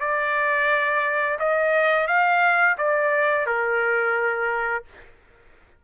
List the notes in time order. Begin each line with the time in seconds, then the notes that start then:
0.00 D5
1.39 D#5
2.07 F5
2.77 D5
3.46 A#4